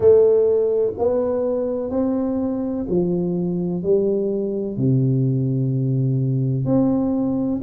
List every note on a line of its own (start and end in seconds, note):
0.00 0.93 A3
0.97 1.90 B3
1.90 2.85 C4
2.88 3.82 F3
3.82 4.77 G3
4.77 6.65 C3
6.65 7.60 C4